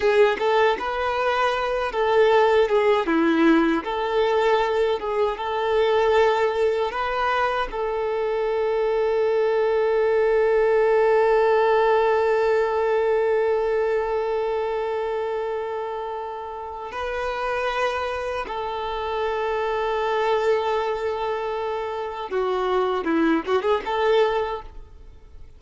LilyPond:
\new Staff \with { instrumentName = "violin" } { \time 4/4 \tempo 4 = 78 gis'8 a'8 b'4. a'4 gis'8 | e'4 a'4. gis'8 a'4~ | a'4 b'4 a'2~ | a'1~ |
a'1~ | a'2 b'2 | a'1~ | a'4 fis'4 e'8 fis'16 gis'16 a'4 | }